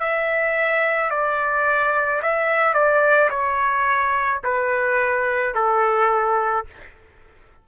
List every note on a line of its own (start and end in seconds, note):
0.00 1.10 E5
1.10 2.21 D5
2.23 2.74 E5
2.74 3.30 D5
3.30 4.41 C#5
4.44 5.55 B4
5.55 6.66 A4